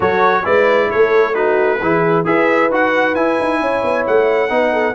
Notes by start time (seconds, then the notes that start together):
0.00 F#3 F#4 A4 C#5
0.43 G#3 E4 B4 D5
0.90 A3 A4 C#5
1.33 D#4 F#4 B4
1.81 E3 E4 G#4
2.24 E4 G#4 B4 E5
2.69 D#4 F#4 F#5
3.14 E4 G#5
3.40 D#4
3.60 C#4 C#5
3.83 B3
4.06 A3 F#5
4.49 B3 D#4 B4
4.72 A4